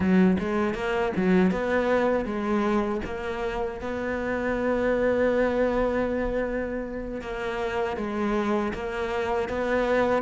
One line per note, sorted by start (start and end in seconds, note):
0.00 0.37 F#3
0.39 0.74 G#3
0.74 1.12 A#3
1.16 1.51 F#3
1.51 2.25 B3
2.25 3.01 G#3
3.04 3.80 A#3
3.80 7.21 B3
7.21 7.96 A#3
7.96 8.72 G#3
8.73 9.48 A#3
9.48 10.22 B3